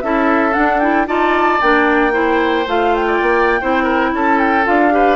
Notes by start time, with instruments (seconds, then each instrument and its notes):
0.00 bassoon C#4, clarinet E4, oboe A4, flute E5
0.53 clarinet D4, bassoon D4, flute F#5
0.79 clarinet E4, flute G5
1.07 bassoon D#4, clarinet F4, oboe D5, flute A5
1.61 bassoon A#3, clarinet D4, flute G5
2.12 clarinet E4, oboe C5
2.67 bassoon A3, clarinet F4, flute F5
2.95 flute G5
3.07 oboe D5
3.21 bassoon A#3
3.61 bassoon C4, clarinet E4, oboe C5
3.83 oboe A#4
4.13 bassoon C#4, oboe A4, flute A5
4.39 flute G5
4.64 bassoon D4, clarinet F4, flute F5
4.91 clarinet G4, oboe B4